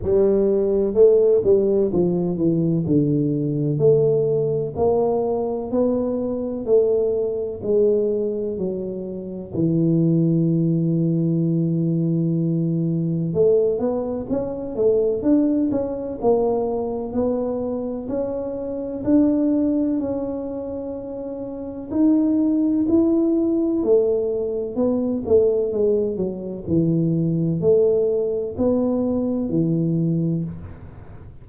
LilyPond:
\new Staff \with { instrumentName = "tuba" } { \time 4/4 \tempo 4 = 63 g4 a8 g8 f8 e8 d4 | a4 ais4 b4 a4 | gis4 fis4 e2~ | e2 a8 b8 cis'8 a8 |
d'8 cis'8 ais4 b4 cis'4 | d'4 cis'2 dis'4 | e'4 a4 b8 a8 gis8 fis8 | e4 a4 b4 e4 | }